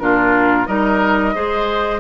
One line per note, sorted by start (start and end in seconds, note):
0.00 0.68 A#2
0.00 0.67 D4
0.00 0.68 F4
0.00 0.67 A#4
0.67 1.36 G3
0.67 1.35 D#4
0.67 1.35 A#4
0.67 2.00 D#5
1.35 2.00 G#3
1.35 2.00 G#4
1.35 2.00 C5